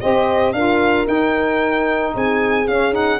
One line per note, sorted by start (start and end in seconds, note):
0.00 0.52 C4
0.00 0.54 G4
0.00 0.54 C5
0.00 0.53 D#5
0.52 1.05 D4
0.52 1.05 F4
0.52 2.14 A#4
0.52 1.06 F5
1.05 2.65 D#4
1.05 2.14 D#4
1.05 2.14 G5
2.14 2.67 C4
2.14 3.19 G#4
2.14 2.67 G#5
2.67 3.19 C#4
2.67 2.92 C#4
2.67 2.93 F5
2.92 3.18 D#4
2.92 3.19 F#5